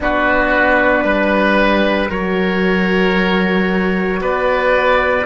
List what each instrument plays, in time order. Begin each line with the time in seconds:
0.00 cello B3, horn D4, oboe F#4, trumpet B4
1.04 cello G3, oboe B4
2.09 cello F#3, horn F#4, oboe A#4, trumpet C#5
4.20 cello B3, oboe B4, trumpet D5